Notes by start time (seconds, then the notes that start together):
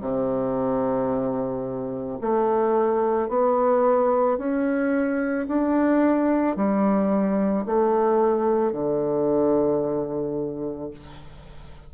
0.00 C3
2.21 A3
3.28 B3
4.37 C#4
5.47 D4
6.56 G3
7.65 A3
8.72 D3